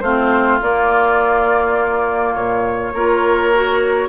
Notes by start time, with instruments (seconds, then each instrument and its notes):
0.00 bassoon A3, clarinet C4, oboe F4, flute C5
0.62 bassoon A#3, clarinet A#3, flute D5
2.34 bassoon A#2, flute C#5
2.93 bassoon A#3, clarinet F4, oboe A#4
3.54 clarinet F#4